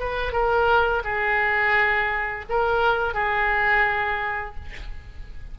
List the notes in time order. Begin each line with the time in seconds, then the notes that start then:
0.00 B4
0.32 A#4
1.05 G#4
2.50 A#4
3.14 G#4